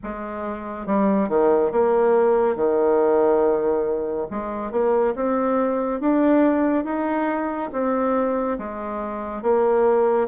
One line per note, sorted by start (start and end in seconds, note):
0.03 0.86 G#3
0.86 1.29 G3
1.29 1.71 D#3
1.71 2.56 A#3
2.56 4.27 D#3
4.30 4.71 G#3
4.71 5.14 A#3
5.15 6.00 C4
6.00 6.84 D4
6.84 7.70 D#4
7.72 8.58 C4
8.58 9.42 G#3
9.42 10.28 A#3